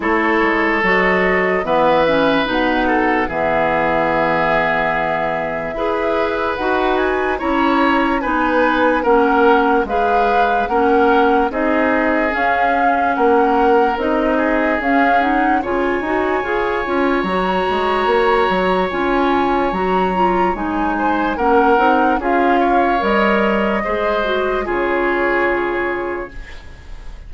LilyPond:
<<
  \new Staff \with { instrumentName = "flute" } { \time 4/4 \tempo 4 = 73 cis''4 dis''4 e''4 fis''4 | e''1 | fis''8 gis''8 ais''4 gis''4 fis''4 | f''4 fis''4 dis''4 f''4 |
fis''4 dis''4 f''8 fis''8 gis''4~ | gis''4 ais''2 gis''4 | ais''4 gis''4 fis''4 f''4 | dis''2 cis''2 | }
  \new Staff \with { instrumentName = "oboe" } { \time 4/4 a'2 b'4. a'8 | gis'2. b'4~ | b'4 cis''4 b'4 ais'4 | b'4 ais'4 gis'2 |
ais'4. gis'4. cis''4~ | cis''1~ | cis''4. c''8 ais'4 gis'8 cis''8~ | cis''4 c''4 gis'2 | }
  \new Staff \with { instrumentName = "clarinet" } { \time 4/4 e'4 fis'4 b8 cis'8 dis'4 | b2. gis'4 | fis'4 e'4 dis'4 cis'4 | gis'4 cis'4 dis'4 cis'4~ |
cis'4 dis'4 cis'8 dis'8 f'8 fis'8 | gis'8 f'8 fis'2 f'4 | fis'8 f'8 dis'4 cis'8 dis'8 f'4 | ais'4 gis'8 fis'8 f'2 | }
  \new Staff \with { instrumentName = "bassoon" } { \time 4/4 a8 gis8 fis4 e4 b,4 | e2. e'4 | dis'4 cis'4 b4 ais4 | gis4 ais4 c'4 cis'4 |
ais4 c'4 cis'4 cis8 dis'8 | f'8 cis'8 fis8 gis8 ais8 fis8 cis'4 | fis4 gis4 ais8 c'8 cis'4 | g4 gis4 cis2 | }
>>